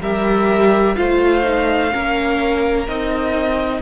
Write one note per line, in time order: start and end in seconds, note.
0.00 0.95 G3
0.00 0.96 G4
0.00 0.96 A#4
0.00 0.96 E5
0.96 1.93 A3
0.96 1.43 F4
0.96 1.92 C5
0.96 2.87 F5
1.43 1.90 D#4
1.91 2.88 A#3
1.91 2.87 C#4
1.91 3.81 A#4
2.88 3.81 C4
2.88 3.81 D#4
2.88 3.81 D#5